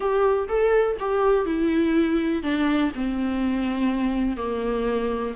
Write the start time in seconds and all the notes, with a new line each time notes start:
0.00 G4
0.48 A4
0.99 G4
1.45 E4
2.42 D4
2.94 C4
4.37 A#3